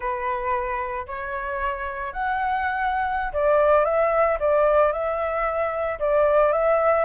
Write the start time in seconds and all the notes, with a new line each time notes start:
0.00 B4
1.06 C#5
2.12 F#5
3.32 D5
3.84 E5
4.39 D5
4.92 E5
5.99 D5
6.52 E5